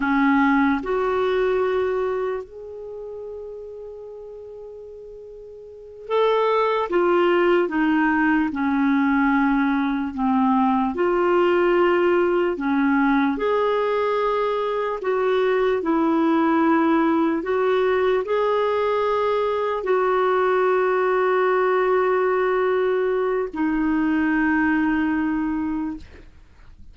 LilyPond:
\new Staff \with { instrumentName = "clarinet" } { \time 4/4 \tempo 4 = 74 cis'4 fis'2 gis'4~ | gis'2.~ gis'8 a'8~ | a'8 f'4 dis'4 cis'4.~ | cis'8 c'4 f'2 cis'8~ |
cis'8 gis'2 fis'4 e'8~ | e'4. fis'4 gis'4.~ | gis'8 fis'2.~ fis'8~ | fis'4 dis'2. | }